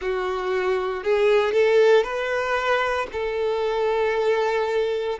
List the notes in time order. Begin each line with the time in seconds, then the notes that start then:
0.00 F#4
1.03 G#4
1.52 A4
2.03 B4
3.12 A4